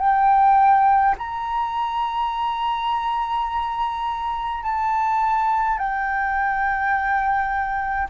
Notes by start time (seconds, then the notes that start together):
0.00 G5
1.18 A#5
4.63 A5
5.78 G5